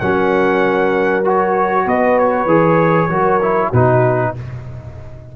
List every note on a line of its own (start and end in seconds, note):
0.00 1.87 F#3
0.00 1.25 C#4
0.00 1.85 A#4
0.00 1.24 F#5
1.25 2.48 F#4
1.25 1.89 C#5
1.85 2.46 B3
1.85 3.09 B4
1.85 2.19 D#5
2.19 3.74 C#5
2.46 3.08 E3
2.46 3.10 G#4
3.10 3.72 F#3
3.10 3.41 F#4
3.10 3.69 A#4
3.43 3.74 E4
3.69 4.35 B2
3.69 4.36 D#4
3.69 4.31 F#4
3.69 4.35 B4